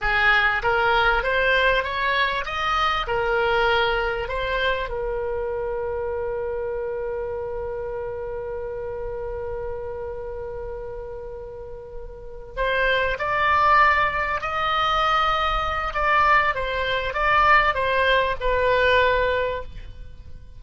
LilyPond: \new Staff \with { instrumentName = "oboe" } { \time 4/4 \tempo 4 = 98 gis'4 ais'4 c''4 cis''4 | dis''4 ais'2 c''4 | ais'1~ | ais'1~ |
ais'1~ | ais'8 c''4 d''2 dis''8~ | dis''2 d''4 c''4 | d''4 c''4 b'2 | }